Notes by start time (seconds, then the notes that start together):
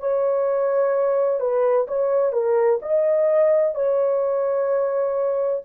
0.00 C#5
1.40 B4
1.88 C#5
2.33 A#4
2.83 D#5
3.75 C#5